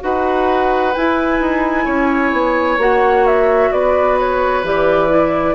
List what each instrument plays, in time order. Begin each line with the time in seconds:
0.00 bassoon D#4, clarinet F#4, oboe B4, flute F#5
0.93 clarinet E4, bassoon E4, flute G#5
1.40 bassoon D#4
1.84 bassoon C#4, oboe C#5
2.32 bassoon B3
2.77 bassoon A#3, clarinet F#4, flute F#5
3.26 flute E5
3.72 bassoon B3, oboe B4, flute D5
4.18 flute C#5
4.62 bassoon E3, clarinet G4, flute D5
5.09 clarinet E4